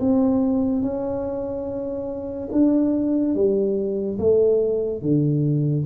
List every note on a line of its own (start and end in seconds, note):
0.00 0.82 C4
0.82 2.48 C#4
2.52 3.34 D4
3.34 4.18 G3
4.18 5.01 A3
5.02 5.85 D3